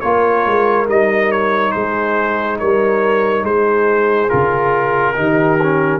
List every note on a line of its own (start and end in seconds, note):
0.00 0.46 A#3
0.00 0.87 F4
0.00 1.74 A#4
0.00 0.86 C#5
0.46 0.88 G#3
0.87 1.74 G3
0.87 4.29 D#4
0.87 1.31 D#5
1.31 1.71 C#5
1.71 2.60 G#3
1.71 2.60 G#4
1.71 2.57 C5
2.59 3.43 G3
2.59 3.44 A#4
2.59 3.44 C#5
3.43 4.29 G#3
3.43 5.15 G#4
3.43 4.29 C5
4.29 5.17 C#3
4.29 5.14 F4
4.29 6.00 A#4
5.16 6.00 D#3
5.16 5.58 D#4
5.16 6.00 G4
5.63 6.00 C#4